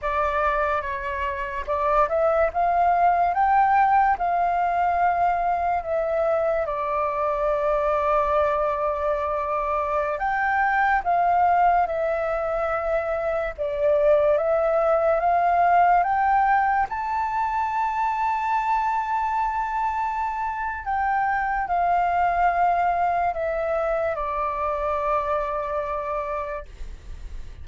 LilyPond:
\new Staff \with { instrumentName = "flute" } { \time 4/4 \tempo 4 = 72 d''4 cis''4 d''8 e''8 f''4 | g''4 f''2 e''4 | d''1~ | d''16 g''4 f''4 e''4.~ e''16~ |
e''16 d''4 e''4 f''4 g''8.~ | g''16 a''2.~ a''8.~ | a''4 g''4 f''2 | e''4 d''2. | }